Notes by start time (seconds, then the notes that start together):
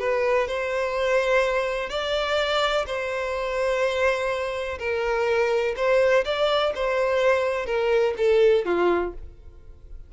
0.00 B4
0.48 C5
1.90 D5
2.86 C5
4.79 A#4
5.77 C5
6.25 D5
6.75 C5
7.66 A#4
8.18 A4
8.65 F4